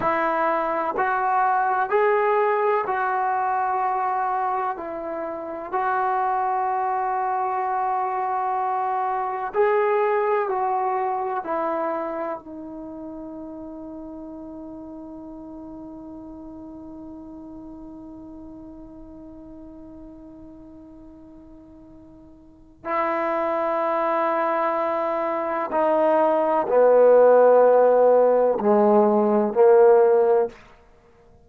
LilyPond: \new Staff \with { instrumentName = "trombone" } { \time 4/4 \tempo 4 = 63 e'4 fis'4 gis'4 fis'4~ | fis'4 e'4 fis'2~ | fis'2 gis'4 fis'4 | e'4 dis'2.~ |
dis'1~ | dis'1 | e'2. dis'4 | b2 gis4 ais4 | }